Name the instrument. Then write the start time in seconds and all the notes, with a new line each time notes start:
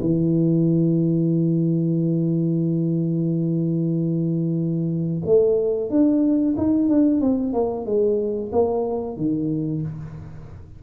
tuba
0.00 E3
5.25 A3
5.90 D4
6.57 D#4
6.89 D4
7.20 C4
7.53 A#3
7.85 G#3
8.52 A#3
9.16 D#3